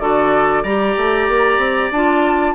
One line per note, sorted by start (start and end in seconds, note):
0.00 0.64 D3
0.00 0.64 F#4
0.00 0.63 A4
0.00 0.64 D5
0.63 0.95 G3
0.63 1.94 G4
0.63 2.55 D5
0.63 1.91 A#5
0.97 1.29 A3
1.29 1.58 A#3
1.58 1.90 C4
1.91 2.55 D4
1.91 2.55 F4
1.91 2.55 A5